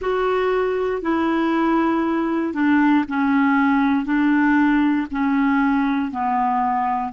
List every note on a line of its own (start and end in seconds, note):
0.01 1.02 F#4
1.02 2.53 E4
2.53 3.04 D4
3.08 4.05 C#4
4.05 5.07 D4
5.11 6.11 C#4
6.11 7.12 B3